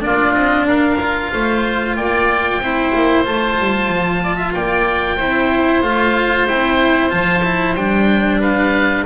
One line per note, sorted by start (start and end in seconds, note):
0.00 0.35 A#3
0.00 0.97 D4
0.00 0.67 F4
0.00 0.34 D5
0.34 0.67 C4
0.34 0.66 D#5
0.67 1.31 D4
0.67 1.32 A#4
0.67 1.96 F5
1.01 2.62 F4
1.34 1.97 A3
1.34 1.97 C5
1.96 2.59 A#3
1.96 2.62 D5
1.96 3.25 G5
2.59 2.91 C4
2.59 3.25 E4
2.59 4.24 C5
2.95 3.27 A#3
3.25 3.59 A3
3.25 5.18 F4
3.25 4.55 A5
3.59 3.89 G3
3.89 4.54 F3
4.24 4.36 D5
4.36 4.52 E5
4.55 5.21 A#3
4.55 5.17 D5
4.55 5.83 G5
5.17 5.83 C4
5.17 5.84 E4
5.17 8.40 C5
5.83 6.48 A3
5.83 6.48 F4
5.83 6.47 F5
6.48 7.13 C4
6.48 7.10 E4
6.48 7.11 G5
7.10 7.76 F3
7.10 7.42 F4
7.10 7.75 A5
7.45 7.77 E4
7.76 9.05 G3
7.76 9.06 D4
7.76 8.41 G5
8.40 9.05 B4
8.40 9.06 F5